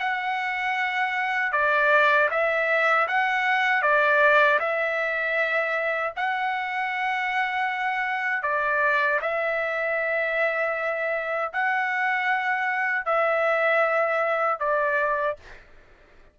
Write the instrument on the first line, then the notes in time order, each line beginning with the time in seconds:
trumpet
0.00 F#5
1.53 D5
2.31 E5
3.08 F#5
3.83 D5
4.60 E5
6.17 F#5
8.43 D5
9.22 E5
11.53 F#5
13.06 E5
14.60 D5